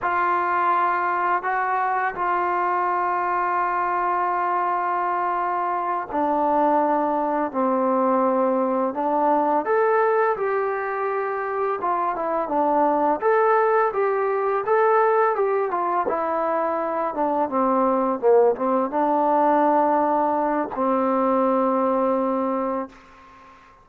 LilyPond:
\new Staff \with { instrumentName = "trombone" } { \time 4/4 \tempo 4 = 84 f'2 fis'4 f'4~ | f'1~ | f'8 d'2 c'4.~ | c'8 d'4 a'4 g'4.~ |
g'8 f'8 e'8 d'4 a'4 g'8~ | g'8 a'4 g'8 f'8 e'4. | d'8 c'4 ais8 c'8 d'4.~ | d'4 c'2. | }